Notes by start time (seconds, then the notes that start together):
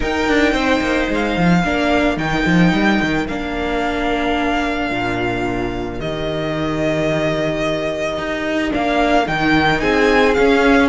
0.00 D#4 A#4 G5
0.28 D4
0.52 C4 C5
0.80 A#3
1.08 G#3 F5
1.37 F3
1.61 A#3 D4 A#4
2.17 D#3 D#4 G5
2.45 F3
2.72 G3
3.01 D#3
3.27 A#3 D4 F5
4.90 A#2
5.99 D#3 G4 D#5
8.18 D#4
8.70 A#3 D4 F5
9.25 D#3 D#4 G5
9.80 C4 G#4 G#5
10.33 C#4 F5